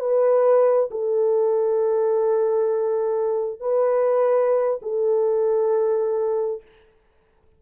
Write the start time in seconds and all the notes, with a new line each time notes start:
0.00 B4
0.91 A4
3.61 B4
4.82 A4